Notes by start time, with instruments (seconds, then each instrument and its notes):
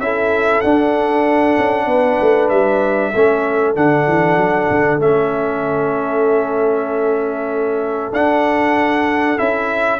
0.00 tuba C#4, trombone E4, horn A4, trumpet E5
0.61 tuba D4, trombone D4, trumpet F#5
1.58 tuba C#4
1.86 tuba B3, horn B4
2.21 tuba A3
2.49 tuba G3, trumpet E5
3.13 tuba A3, trombone C#4, horn A4
3.75 tuba D3, trombone D4, trumpet F#5
4.07 tuba E3
4.37 tuba F#3
4.71 tuba D3
4.99 tuba A3, trombone C#4, trumpet E5
8.13 tuba D4, trombone D4, trumpet F#5
9.38 tuba C#4, trombone E4, trumpet E5